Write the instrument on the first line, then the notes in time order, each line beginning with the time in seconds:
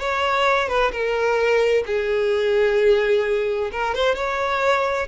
violin
0.00 C#5
0.69 B4
0.92 A#4
1.87 G#4
3.72 A#4
3.95 C5
4.15 C#5